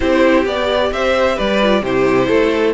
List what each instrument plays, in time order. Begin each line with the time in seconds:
0.00 cello C4, viola E4, violin G4 C5
0.45 cello B3, viola G4, violin D5
0.91 cello C4, violin C5 E5
1.35 cello G3, violin B4 D5
1.61 viola F4
1.81 cello C3, viola E4, violin G4 C5
2.28 cello A3, violin A4